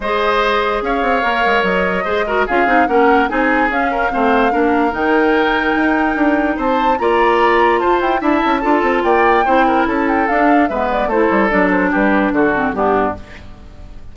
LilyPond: <<
  \new Staff \with { instrumentName = "flute" } { \time 4/4 \tempo 4 = 146 dis''2 f''2 | dis''2 f''4 fis''4 | gis''4 f''2. | g''1 |
a''4 ais''2 a''8 g''8 | a''2 g''2 | a''8 g''8 f''4 e''8 d''8 c''4 | d''8 c''8 b'4 a'4 g'4 | }
  \new Staff \with { instrumentName = "oboe" } { \time 4/4 c''2 cis''2~ | cis''4 c''8 ais'8 gis'4 ais'4 | gis'4. ais'8 c''4 ais'4~ | ais'1 |
c''4 d''2 c''4 | e''4 a'4 d''4 c''8 ais'8 | a'2 b'4 a'4~ | a'4 g'4 fis'4 d'4 | }
  \new Staff \with { instrumentName = "clarinet" } { \time 4/4 gis'2. ais'4~ | ais'4 gis'8 fis'8 f'8 dis'8 cis'4 | dis'4 cis'4 c'4 d'4 | dis'1~ |
dis'4 f'2. | e'4 f'2 e'4~ | e'4 d'4 b4 e'4 | d'2~ d'8 c'8 b4 | }
  \new Staff \with { instrumentName = "bassoon" } { \time 4/4 gis2 cis'8 c'8 ais8 gis8 | fis4 gis4 cis'8 c'8 ais4 | c'4 cis'4 a4 ais4 | dis2 dis'4 d'4 |
c'4 ais2 f'8 e'8 | d'8 cis'8 d'8 c'8 ais4 c'4 | cis'4 d'4 gis4 a8 g8 | fis4 g4 d4 g,4 | }
>>